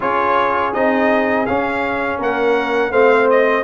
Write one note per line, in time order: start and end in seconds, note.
0.00 0.74 C#4
0.00 0.72 F4
0.00 2.18 G#4
0.00 0.73 C#5
0.73 1.47 C4
0.73 1.46 D#4
0.73 1.46 D#5
1.46 2.92 C#4
1.46 2.19 C#4
1.46 2.19 F5
2.18 2.91 A#3
2.18 2.91 A#4
2.18 2.92 F#5
2.91 3.64 A3
2.91 3.64 C4
2.91 3.64 C5
2.91 3.29 F5
3.30 3.64 D#5